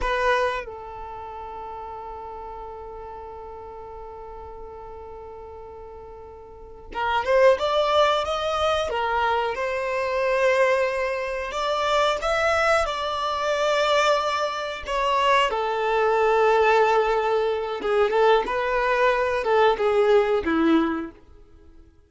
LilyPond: \new Staff \with { instrumentName = "violin" } { \time 4/4 \tempo 4 = 91 b'4 a'2.~ | a'1~ | a'2~ a'8 ais'8 c''8 d''8~ | d''8 dis''4 ais'4 c''4.~ |
c''4. d''4 e''4 d''8~ | d''2~ d''8 cis''4 a'8~ | a'2. gis'8 a'8 | b'4. a'8 gis'4 e'4 | }